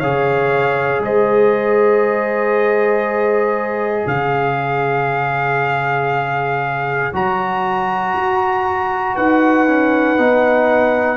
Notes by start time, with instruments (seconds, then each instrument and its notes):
0.00 tuba C#3, trombone G#4, horn C#5, trumpet F5
1.00 tuba G#3, horn C5, trumpet D#5
4.07 tuba C#3, horn C#5, trumpet F5
7.13 tuba F#3, trombone F#4, trumpet A#5
8.15 tuba F#4
9.15 tuba D#4, horn B4, trumpet F#5
9.68 trombone C#4
10.17 tuba B3, trombone D#4